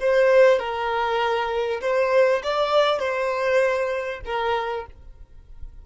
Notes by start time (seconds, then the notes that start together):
0.00 C5
0.59 A#4
1.81 C5
2.43 D5
2.99 C5
4.25 A#4